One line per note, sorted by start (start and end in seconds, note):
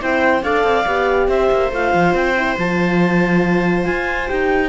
0.00 0.43 C4
0.00 0.43 E4
0.00 0.44 C5
0.00 0.43 G5
0.43 0.64 D4
0.43 0.86 A4
0.43 1.30 D5
0.43 1.29 F5
0.64 0.85 C4
0.86 1.28 B3
0.86 1.72 G4
1.28 1.50 C4
1.28 4.69 C5
1.28 1.72 E5
1.51 1.72 A#3
1.72 1.93 A3
1.72 2.37 F4
1.72 2.15 F5
1.94 2.13 F3
2.13 2.56 C4
2.13 2.57 G5
2.37 2.58 E4
2.58 3.87 F3
2.58 4.27 F4
2.58 3.85 A5
3.85 4.30 F4
3.85 4.28 G#5
4.27 4.69 D#4
4.27 4.69 G4
4.27 4.69 G5